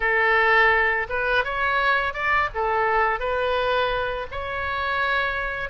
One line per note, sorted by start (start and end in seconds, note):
0.00 1.07 A4
1.09 1.44 B4
1.44 2.13 C#5
2.13 2.49 D5
2.54 3.19 A4
3.19 4.26 B4
4.31 5.69 C#5